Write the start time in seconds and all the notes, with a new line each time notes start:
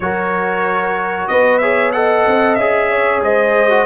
0.00 F#3 F#4 A#4 C#5
1.27 B3 B4 D#5
1.58 G#4 C#5 E5
1.92 A4 D#5 F#5
2.26 C4
2.55 C#4 G#4 E5
2.91 C#5
3.21 G#3 C5 D#5
3.69 F#4